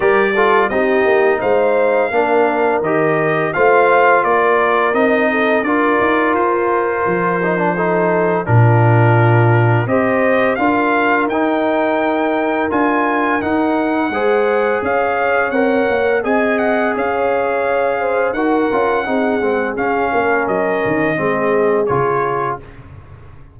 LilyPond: <<
  \new Staff \with { instrumentName = "trumpet" } { \time 4/4 \tempo 4 = 85 d''4 dis''4 f''2 | dis''4 f''4 d''4 dis''4 | d''4 c''2. | ais'2 dis''4 f''4 |
g''2 gis''4 fis''4~ | fis''4 f''4 fis''4 gis''8 fis''8 | f''2 fis''2 | f''4 dis''2 cis''4 | }
  \new Staff \with { instrumentName = "horn" } { \time 4/4 ais'8 a'8 g'4 c''4 ais'4~ | ais'4 c''4 ais'4. a'8 | ais'2. a'4 | f'2 c''4 ais'4~ |
ais'1 | c''4 cis''2 dis''4 | cis''4. c''8 ais'4 gis'4~ | gis'8 ais'4. gis'2 | }
  \new Staff \with { instrumentName = "trombone" } { \time 4/4 g'8 f'8 dis'2 d'4 | g'4 f'2 dis'4 | f'2~ f'8 dis'16 d'16 dis'4 | d'2 g'4 f'4 |
dis'2 f'4 dis'4 | gis'2 ais'4 gis'4~ | gis'2 fis'8 f'8 dis'8 c'8 | cis'2 c'4 f'4 | }
  \new Staff \with { instrumentName = "tuba" } { \time 4/4 g4 c'8 ais8 gis4 ais4 | dis4 a4 ais4 c'4 | d'8 dis'8 f'4 f2 | ais,2 c'4 d'4 |
dis'2 d'4 dis'4 | gis4 cis'4 c'8 ais8 c'4 | cis'2 dis'8 cis'8 c'8 gis8 | cis'8 ais8 fis8 dis8 gis4 cis4 | }
>>